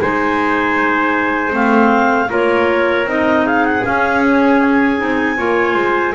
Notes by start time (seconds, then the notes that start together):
0.00 G#3 D#4 C5 G#5
1.50 A3 C4 F5
2.30 A#3 F4 A#4 C#5
3.05 C4 D#4 D#5
3.46 G#4 F5
3.65 F#5
3.82 C#4 F5
4.24 C#5
4.62 G#5
4.98 C4 D#4
5.37 A#3 F4 C#5
5.75 G#3 C5